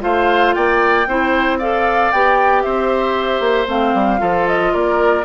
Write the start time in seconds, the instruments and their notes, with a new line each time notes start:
0.00 bassoon A3, clarinet F4, oboe C5, flute F5
0.53 bassoon A#3, oboe D5, flute G5
1.06 bassoon C4, clarinet E4, oboe C5
1.58 clarinet A4, oboe D5, flute F5
2.11 bassoon B3, clarinet G4, flute G5
2.62 bassoon C4, oboe C5, flute E5
3.40 bassoon A#3
3.67 bassoon A3, clarinet C4, flute F5
3.94 bassoon G3
4.18 bassoon F3, clarinet F4, oboe A4
4.47 flute D#5
4.73 bassoon A#3, oboe A#4, flute D5